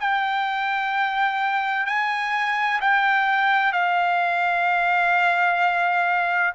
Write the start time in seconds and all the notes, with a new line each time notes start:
0.00 G5
1.87 G#5
2.81 G5
3.73 F5